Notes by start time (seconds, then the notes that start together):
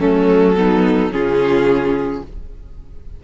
0.00 F#3 A3 C#4 A4
0.56 B3 D#4
1.11 C#3 C#4 F4 G#4